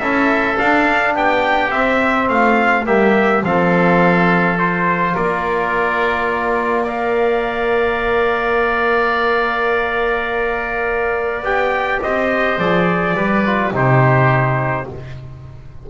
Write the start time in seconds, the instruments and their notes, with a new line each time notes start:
0.00 double bass C#4, trombone E4, oboe A4, trumpet E5
0.57 trombone D4, double bass D4, trumpet F5
1.15 double bass B3, oboe G4, trumpet G5
1.72 double bass C4, trombone C4, trumpet E5
2.29 double bass A3, oboe F4, trumpet F5
2.86 double bass G3, trombone A#3, oboe G4, trumpet E5
3.44 double bass F3, trombone C4, oboe A4, trumpet F5
4.59 trombone F4, trumpet C5
5.14 double bass A#3, oboe A#4, trumpet D5
6.85 trombone A#4, oboe D5, trumpet F5
11.43 double bass B3, trombone G4, trumpet G5
12.03 double bass C4, oboe C5, trumpet D#5
12.59 double bass F3, trombone G#4, trumpet D5
13.15 double bass G3, trombone G4, oboe B4
13.46 trombone F4
13.73 double bass C3, trombone D#4, oboe G4, trumpet C5